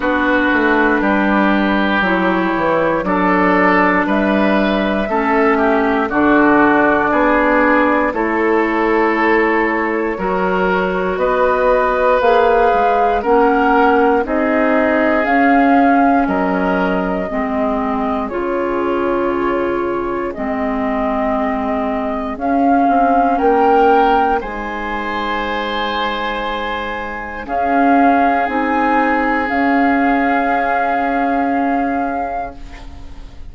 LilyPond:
<<
  \new Staff \with { instrumentName = "flute" } { \time 4/4 \tempo 4 = 59 b'2 cis''4 d''4 | e''2 d''2 | cis''2. dis''4 | f''4 fis''4 dis''4 f''4 |
dis''2 cis''2 | dis''2 f''4 g''4 | gis''2. f''4 | gis''4 f''2. | }
  \new Staff \with { instrumentName = "oboe" } { \time 4/4 fis'4 g'2 a'4 | b'4 a'8 g'8 fis'4 gis'4 | a'2 ais'4 b'4~ | b'4 ais'4 gis'2 |
ais'4 gis'2.~ | gis'2. ais'4 | c''2. gis'4~ | gis'1 | }
  \new Staff \with { instrumentName = "clarinet" } { \time 4/4 d'2 e'4 d'4~ | d'4 cis'4 d'2 | e'2 fis'2 | gis'4 cis'4 dis'4 cis'4~ |
cis'4 c'4 f'2 | c'2 cis'2 | dis'2. cis'4 | dis'4 cis'2. | }
  \new Staff \with { instrumentName = "bassoon" } { \time 4/4 b8 a8 g4 fis8 e8 fis4 | g4 a4 d4 b4 | a2 fis4 b4 | ais8 gis8 ais4 c'4 cis'4 |
fis4 gis4 cis2 | gis2 cis'8 c'8 ais4 | gis2. cis'4 | c'4 cis'2. | }
>>